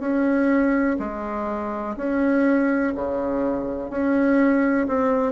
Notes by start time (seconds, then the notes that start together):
0.00 C#4
0.99 G#3
1.97 C#4
2.96 C#3
3.91 C#4
4.88 C4